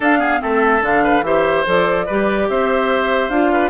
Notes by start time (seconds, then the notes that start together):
0.00 D4 A4 F5
0.19 B3 G#4
0.39 A3 C4 A4 E5
0.81 D3 D4 F5
1.03 B4
1.21 E3 G4 C5 E5
1.65 F3 A4 D5
2.05 G3 G4 B4
2.49 C4 C5 E5
3.29 D4 F4 F5
3.52 B4